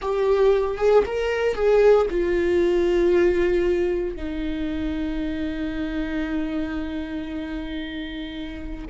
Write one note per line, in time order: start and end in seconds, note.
0.01 0.77 G4
0.77 1.03 G#4
1.06 1.54 A#4
1.54 2.06 G#4
2.10 4.15 F4
4.15 8.85 D#4